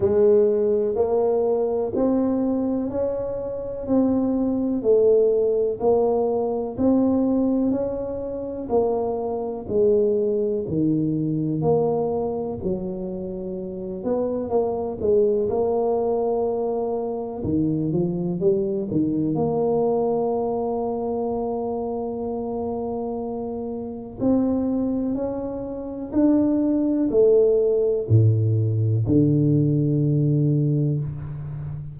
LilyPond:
\new Staff \with { instrumentName = "tuba" } { \time 4/4 \tempo 4 = 62 gis4 ais4 c'4 cis'4 | c'4 a4 ais4 c'4 | cis'4 ais4 gis4 dis4 | ais4 fis4. b8 ais8 gis8 |
ais2 dis8 f8 g8 dis8 | ais1~ | ais4 c'4 cis'4 d'4 | a4 a,4 d2 | }